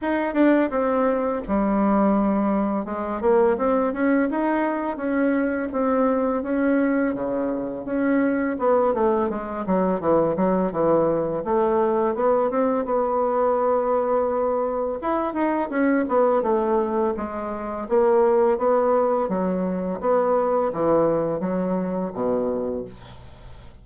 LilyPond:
\new Staff \with { instrumentName = "bassoon" } { \time 4/4 \tempo 4 = 84 dis'8 d'8 c'4 g2 | gis8 ais8 c'8 cis'8 dis'4 cis'4 | c'4 cis'4 cis4 cis'4 | b8 a8 gis8 fis8 e8 fis8 e4 |
a4 b8 c'8 b2~ | b4 e'8 dis'8 cis'8 b8 a4 | gis4 ais4 b4 fis4 | b4 e4 fis4 b,4 | }